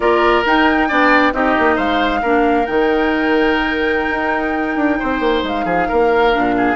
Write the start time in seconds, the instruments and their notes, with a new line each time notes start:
0.00 bassoon A#3, clarinet F4, oboe A#4, flute D5
0.45 clarinet D#4, bassoon D#4, flute G5
0.88 bassoon B3, clarinet D4, oboe D5
1.32 bassoon C4, clarinet D#4, oboe G4, flute D#5
1.58 bassoon A#3
1.75 bassoon G#3, oboe C5, flute F5
2.22 bassoon A#3, clarinet D4, oboe A#4
2.65 bassoon D#3, clarinet D#4, flute G5
4.09 bassoon D#4
4.76 bassoon D4
4.99 bassoon C4, oboe C5
5.19 bassoon A#3
5.43 bassoon G#3, flute F5
5.65 bassoon F3, oboe G#4
5.88 bassoon A#3, oboe A#4
6.32 bassoon A#2, clarinet D4
6.57 oboe G#4